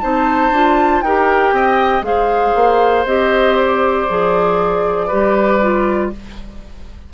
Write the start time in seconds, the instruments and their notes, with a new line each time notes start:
0.00 bassoon C4, clarinet D#4, oboe C5, flute A5
0.51 bassoon D4, clarinet F4
1.02 bassoon D#4, clarinet G4, oboe A#4, flute G5
1.53 bassoon C4, oboe D#5
2.02 bassoon G#3, clarinet G#4, oboe C5, flute F5
2.56 bassoon A#3
3.06 bassoon C4, clarinet G4, flute D#5
3.57 flute D5
4.09 bassoon F3, clarinet G#4
5.08 bassoon G3, clarinet G4, oboe B4
5.62 clarinet F4